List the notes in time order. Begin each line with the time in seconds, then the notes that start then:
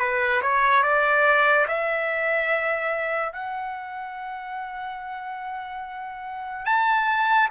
0.00 B4
0.42 C#5
0.83 D5
1.68 E5
3.33 F#5
6.66 A5